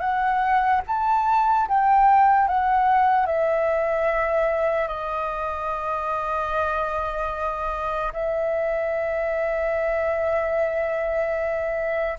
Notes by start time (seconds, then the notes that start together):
0.00 F#5
0.87 A5
1.68 G5
2.48 F#5
3.26 E5
4.88 D#5
8.13 E5